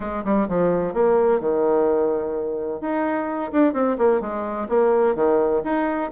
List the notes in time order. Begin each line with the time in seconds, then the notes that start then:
0.00 G#3
0.24 G3
0.48 F3
0.93 A#3
1.40 D#3
2.80 D#4
3.52 D4
3.73 C4
3.98 A#3
4.20 G#3
4.68 A#3
5.15 D#3
5.64 D#4